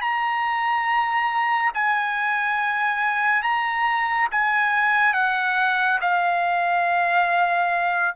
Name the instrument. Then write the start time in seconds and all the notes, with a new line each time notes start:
trumpet
0.00 A#5
1.74 G#5
3.42 A#5
4.31 G#5
5.13 F#5
6.01 F5